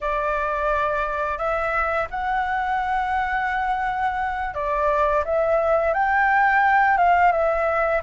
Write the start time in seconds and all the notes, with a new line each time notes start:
0.01 D5
1.38 E5
2.10 F#5
4.54 D5
5.25 E5
5.93 G5
6.97 F5
7.32 E5